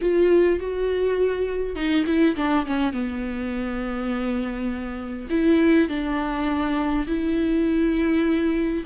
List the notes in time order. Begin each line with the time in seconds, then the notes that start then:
0.01 F4
0.59 F#4
1.75 D#4
2.06 E4
2.36 D4
2.66 C#4
2.93 B3
5.30 E4
5.89 D4
7.07 E4